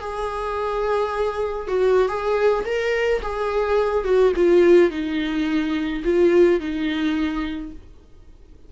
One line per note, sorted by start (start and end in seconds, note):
0.00 1.68 G#4
1.68 2.08 F#4
2.08 2.65 G#4
2.65 3.21 A#4
3.22 4.05 G#4
4.05 4.33 F#4
4.36 4.90 F4
4.90 6.03 D#4
6.04 6.60 F4
6.60 7.72 D#4